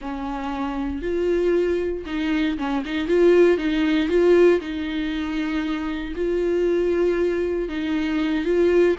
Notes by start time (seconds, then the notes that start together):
0.01 C#4
1.02 F4
2.06 D#4
2.58 C#4
2.85 D#4
3.07 F4
3.57 D#4
4.08 F4
4.60 D#4
6.15 F4
7.68 D#4
8.44 F4